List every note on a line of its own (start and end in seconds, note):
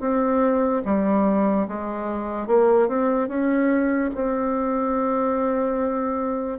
0.00 0.82 C4
0.85 1.67 G3
1.68 2.47 G#3
2.47 2.88 A#3
2.88 3.28 C4
3.28 4.10 C#4
4.14 6.58 C4